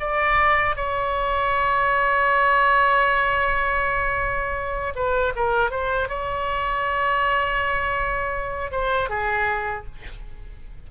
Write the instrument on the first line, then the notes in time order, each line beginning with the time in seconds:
oboe
0.00 D5
0.76 C#5
4.95 B4
5.36 A#4
5.71 C5
6.09 C#5
8.72 C5
9.10 G#4